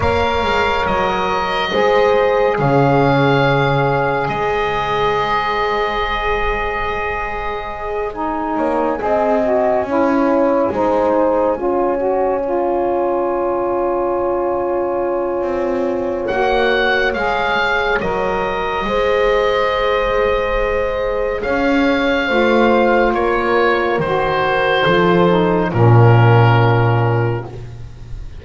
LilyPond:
<<
  \new Staff \with { instrumentName = "oboe" } { \time 4/4 \tempo 4 = 70 f''4 dis''2 f''4~ | f''4 dis''2.~ | dis''4. gis''2~ gis''8~ | gis''1~ |
gis''2. fis''4 | f''4 dis''2.~ | dis''4 f''2 cis''4 | c''2 ais'2 | }
  \new Staff \with { instrumentName = "horn" } { \time 4/4 cis''2 c''4 cis''4~ | cis''4 c''2.~ | c''2 cis''8 dis''4 cis''8~ | cis''8 c''4 cis''2~ cis''8~ |
cis''1~ | cis''2 c''2~ | c''4 cis''4 c''4 ais'4~ | ais'4 a'4 f'2 | }
  \new Staff \with { instrumentName = "saxophone" } { \time 4/4 ais'2 gis'2~ | gis'1~ | gis'4. dis'4 gis'8 fis'8 e'8~ | e'8 dis'4 f'8 fis'8 f'4.~ |
f'2. fis'4 | gis'4 ais'4 gis'2~ | gis'2 f'2 | fis'4 f'8 dis'8 cis'2 | }
  \new Staff \with { instrumentName = "double bass" } { \time 4/4 ais8 gis8 fis4 gis4 cis4~ | cis4 gis2.~ | gis2 ais8 c'4 cis'8~ | cis'8 gis4 cis'2~ cis'8~ |
cis'2 c'4 ais4 | gis4 fis4 gis2~ | gis4 cis'4 a4 ais4 | dis4 f4 ais,2 | }
>>